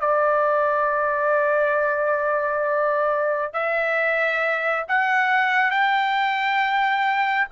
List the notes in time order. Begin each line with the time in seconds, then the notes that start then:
0.00 D5
3.53 E5
4.88 F#5
5.70 G5